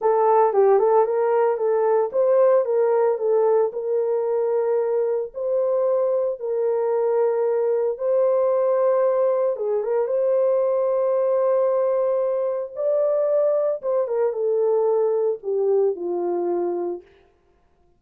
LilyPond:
\new Staff \with { instrumentName = "horn" } { \time 4/4 \tempo 4 = 113 a'4 g'8 a'8 ais'4 a'4 | c''4 ais'4 a'4 ais'4~ | ais'2 c''2 | ais'2. c''4~ |
c''2 gis'8 ais'8 c''4~ | c''1 | d''2 c''8 ais'8 a'4~ | a'4 g'4 f'2 | }